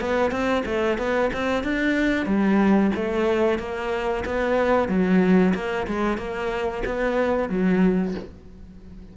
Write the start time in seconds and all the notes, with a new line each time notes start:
0.00 B3
0.31 C4
0.65 A3
0.98 B3
1.33 C4
1.63 D4
2.26 G3
2.95 A3
3.58 A#3
4.25 B3
4.88 F#3
5.54 A#3
5.87 G#3
6.17 A#3
6.85 B3
7.49 F#3